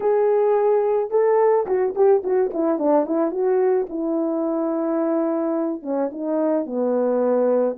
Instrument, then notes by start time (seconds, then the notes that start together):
horn
0.00 G#4
1.10 A4
1.66 F#4
1.95 G4
2.23 F#4
2.53 E4
2.78 D4
3.06 E4
3.31 F#4
3.89 E4
5.82 C#4
6.11 D#4
6.66 B3